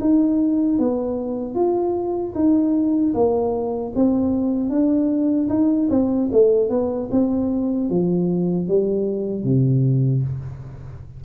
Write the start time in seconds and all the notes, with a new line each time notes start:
0.00 D#4
0.79 B3
1.54 F4
2.35 D#4
3.14 A#3
3.95 C4
4.69 D4
5.49 D#4
5.90 C4
6.32 A3
6.69 B3
7.11 C4
7.89 F3
8.68 G3
9.43 C3